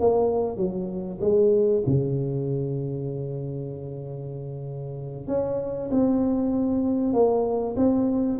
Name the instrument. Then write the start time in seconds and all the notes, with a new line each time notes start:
tuba
0.00 A#3
0.57 F#3
1.21 G#3
1.86 C#3
5.27 C#4
5.91 C4
7.13 A#3
7.76 C4